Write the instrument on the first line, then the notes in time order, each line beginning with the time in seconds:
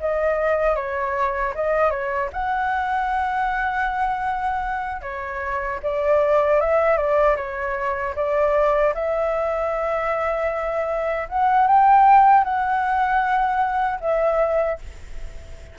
flute
0.00 D#5
0.75 C#5
1.54 D#5
1.90 C#5
2.32 F#5
5.02 C#5
5.83 D5
6.60 E5
6.97 D5
7.36 C#5
8.15 D5
8.94 E5
11.28 F#5
11.67 G5
12.44 F#5
14.00 E5